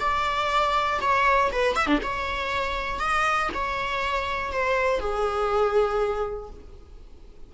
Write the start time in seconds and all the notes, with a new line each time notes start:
0.00 D5
1.01 C#5
1.52 B4
1.76 E5
1.87 D4
2.03 C#5
2.99 D#5
3.54 C#5
4.52 C5
5.00 G#4